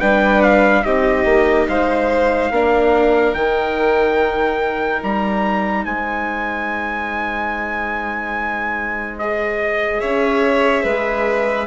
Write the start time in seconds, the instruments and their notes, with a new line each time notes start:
0.00 bassoon G3, viola D4, violin B4, trumpet G5
0.43 trumpet F5
0.84 bassoon C4, viola D#4, violin G4, trumpet D#5
1.25 bassoon A#3
1.69 bassoon G#3, violin C5, trumpet F5
2.51 bassoon A#3, viola D4, violin A#4
3.34 bassoon D#3, viola D#4, trumpet G5
5.03 bassoon G3, trumpet A#5
5.85 bassoon G#3, violin C5, trumpet G#5
9.19 viola G#4, trumpet D#5
10.01 bassoon C#4, violin C#5, trumpet E5
10.84 bassoon G#3, violin B4